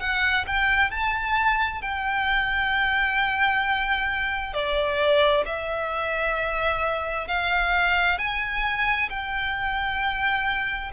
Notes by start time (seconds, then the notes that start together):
0.00 F#5
0.47 G5
0.91 A5
1.81 G5
4.54 D5
5.46 E5
7.28 F5
8.19 G#5
9.10 G5